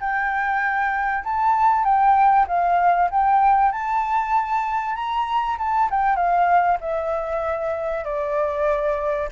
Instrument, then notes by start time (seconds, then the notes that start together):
flute
0.00 G5
1.24 A5
1.84 G5
2.47 F5
3.10 G5
3.72 A5
4.95 A#5
5.58 A5
5.90 G5
6.16 F5
6.80 E5
8.04 D5